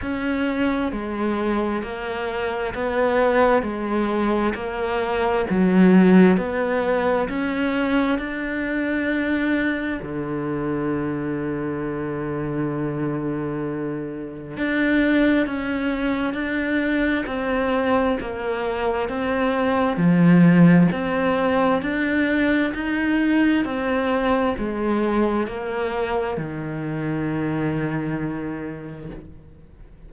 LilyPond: \new Staff \with { instrumentName = "cello" } { \time 4/4 \tempo 4 = 66 cis'4 gis4 ais4 b4 | gis4 ais4 fis4 b4 | cis'4 d'2 d4~ | d1 |
d'4 cis'4 d'4 c'4 | ais4 c'4 f4 c'4 | d'4 dis'4 c'4 gis4 | ais4 dis2. | }